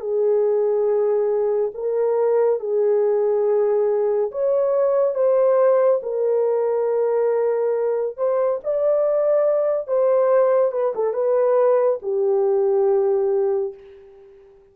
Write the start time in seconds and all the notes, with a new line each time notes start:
0.00 G#4
1.74 A#4
2.59 G#4
4.31 C#5
5.15 C5
6.03 A#4
8.17 C5
8.64 D5
9.87 C5
10.72 B4
10.95 A4
11.13 B4
12.02 G4